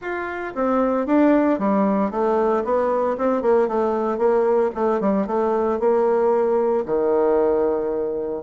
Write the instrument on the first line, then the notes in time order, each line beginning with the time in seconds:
bassoon
0.01 F4
0.54 C4
1.06 D4
1.58 G3
2.11 A3
2.64 B3
3.17 C4
3.42 A#3
3.68 A3
4.17 A#3
4.74 A3
5.00 G3
5.26 A3
5.79 A#3
6.85 D#3